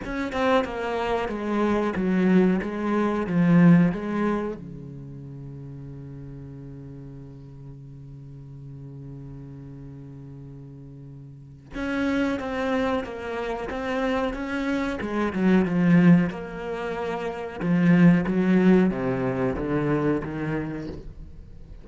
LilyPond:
\new Staff \with { instrumentName = "cello" } { \time 4/4 \tempo 4 = 92 cis'8 c'8 ais4 gis4 fis4 | gis4 f4 gis4 cis4~ | cis1~ | cis1~ |
cis2 cis'4 c'4 | ais4 c'4 cis'4 gis8 fis8 | f4 ais2 f4 | fis4 c4 d4 dis4 | }